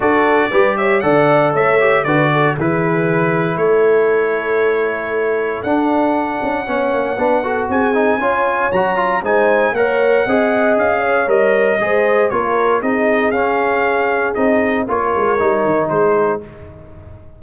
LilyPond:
<<
  \new Staff \with { instrumentName = "trumpet" } { \time 4/4 \tempo 4 = 117 d''4. e''8 fis''4 e''4 | d''4 b'2 cis''4~ | cis''2. fis''4~ | fis''2. gis''4~ |
gis''4 ais''4 gis''4 fis''4~ | fis''4 f''4 dis''2 | cis''4 dis''4 f''2 | dis''4 cis''2 c''4 | }
  \new Staff \with { instrumentName = "horn" } { \time 4/4 a'4 b'8 cis''8 d''4 cis''4 | b'8 a'8 gis'2 a'4~ | a'1~ | a'4 cis''4 b'8 a'8 gis'4 |
cis''2 c''4 cis''4 | dis''4. cis''4. c''4 | ais'4 gis'2.~ | gis'4 ais'2 gis'4 | }
  \new Staff \with { instrumentName = "trombone" } { \time 4/4 fis'4 g'4 a'4. g'8 | fis'4 e'2.~ | e'2. d'4~ | d'4 cis'4 d'8 fis'4 dis'8 |
f'4 fis'8 f'8 dis'4 ais'4 | gis'2 ais'4 gis'4 | f'4 dis'4 cis'2 | dis'4 f'4 dis'2 | }
  \new Staff \with { instrumentName = "tuba" } { \time 4/4 d'4 g4 d4 a4 | d4 e2 a4~ | a2. d'4~ | d'8 cis'8 b8 ais8 b4 c'4 |
cis'4 fis4 gis4 ais4 | c'4 cis'4 g4 gis4 | ais4 c'4 cis'2 | c'4 ais8 gis8 g8 dis8 gis4 | }
>>